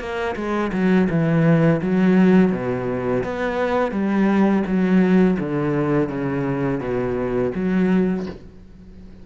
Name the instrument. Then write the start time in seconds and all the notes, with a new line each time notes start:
cello
0.00 A#3
0.36 G#3
0.73 F#3
1.10 E3
1.82 F#3
2.52 B2
3.24 B3
3.92 G3
4.66 F#3
5.40 D3
6.09 C#3
6.81 B2
7.55 F#3